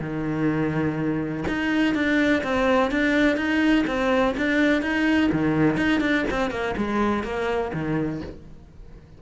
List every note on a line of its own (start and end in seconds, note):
0.00 1.44 D#3
1.48 1.95 D#4
1.95 2.43 D4
2.43 2.91 C4
2.91 3.37 D4
3.37 3.85 D#4
3.87 4.35 C4
4.37 4.82 D4
4.82 5.30 D#4
5.32 5.77 D#3
5.77 6.01 D#4
6.01 6.25 D4
6.31 6.51 C4
6.51 6.75 A#3
6.77 7.23 G#3
7.23 7.71 A#3
7.73 8.21 D#3